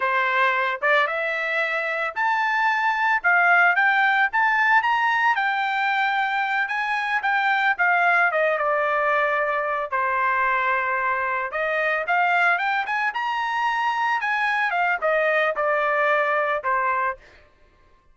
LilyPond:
\new Staff \with { instrumentName = "trumpet" } { \time 4/4 \tempo 4 = 112 c''4. d''8 e''2 | a''2 f''4 g''4 | a''4 ais''4 g''2~ | g''8 gis''4 g''4 f''4 dis''8 |
d''2~ d''8 c''4.~ | c''4. dis''4 f''4 g''8 | gis''8 ais''2 gis''4 f''8 | dis''4 d''2 c''4 | }